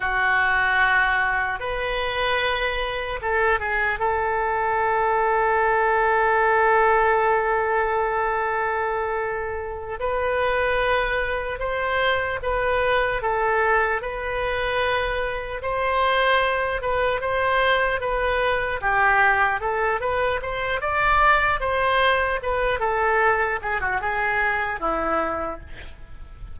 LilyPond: \new Staff \with { instrumentName = "oboe" } { \time 4/4 \tempo 4 = 75 fis'2 b'2 | a'8 gis'8 a'2.~ | a'1~ | a'8 b'2 c''4 b'8~ |
b'8 a'4 b'2 c''8~ | c''4 b'8 c''4 b'4 g'8~ | g'8 a'8 b'8 c''8 d''4 c''4 | b'8 a'4 gis'16 fis'16 gis'4 e'4 | }